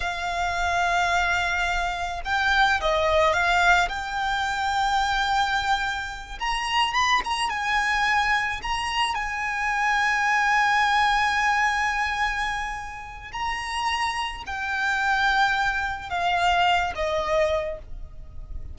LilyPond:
\new Staff \with { instrumentName = "violin" } { \time 4/4 \tempo 4 = 108 f''1 | g''4 dis''4 f''4 g''4~ | g''2.~ g''8 ais''8~ | ais''8 b''8 ais''8 gis''2 ais''8~ |
ais''8 gis''2.~ gis''8~ | gis''1 | ais''2 g''2~ | g''4 f''4. dis''4. | }